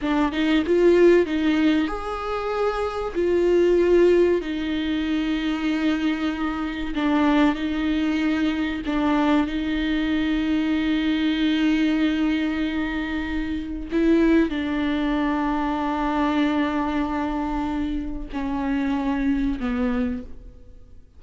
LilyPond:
\new Staff \with { instrumentName = "viola" } { \time 4/4 \tempo 4 = 95 d'8 dis'8 f'4 dis'4 gis'4~ | gis'4 f'2 dis'4~ | dis'2. d'4 | dis'2 d'4 dis'4~ |
dis'1~ | dis'2 e'4 d'4~ | d'1~ | d'4 cis'2 b4 | }